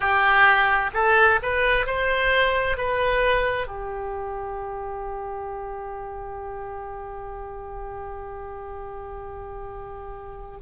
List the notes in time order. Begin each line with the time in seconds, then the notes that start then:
0.00 G4
0.93 A4
1.42 B4
1.86 C5
2.77 B4
3.67 G4